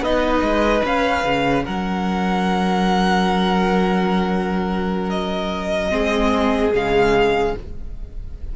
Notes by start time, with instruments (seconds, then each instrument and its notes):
0.00 cello B3, viola D#4, violin B4 D#5
0.41 cello G#3
0.84 viola C#4, cello C#4, violin F5
1.23 cello C#3
1.64 cello F#3, violin A#4 F#5
5.09 violin D#5
5.89 cello G#3, viola C4, violin G#4
6.73 cello C#3, viola G#3, violin F5